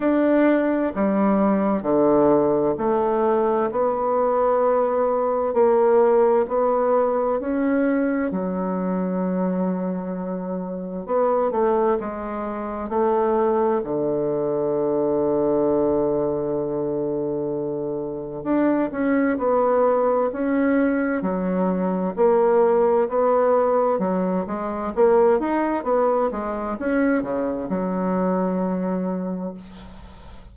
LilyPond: \new Staff \with { instrumentName = "bassoon" } { \time 4/4 \tempo 4 = 65 d'4 g4 d4 a4 | b2 ais4 b4 | cis'4 fis2. | b8 a8 gis4 a4 d4~ |
d1 | d'8 cis'8 b4 cis'4 fis4 | ais4 b4 fis8 gis8 ais8 dis'8 | b8 gis8 cis'8 cis8 fis2 | }